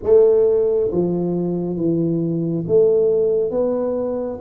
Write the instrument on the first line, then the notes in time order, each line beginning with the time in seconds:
tuba
0.02 A3
0.91 F3
1.76 E3
2.67 A3
3.51 B3